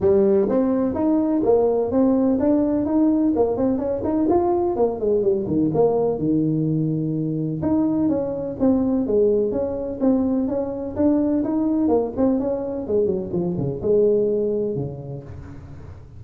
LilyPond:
\new Staff \with { instrumentName = "tuba" } { \time 4/4 \tempo 4 = 126 g4 c'4 dis'4 ais4 | c'4 d'4 dis'4 ais8 c'8 | cis'8 dis'8 f'4 ais8 gis8 g8 dis8 | ais4 dis2. |
dis'4 cis'4 c'4 gis4 | cis'4 c'4 cis'4 d'4 | dis'4 ais8 c'8 cis'4 gis8 fis8 | f8 cis8 gis2 cis4 | }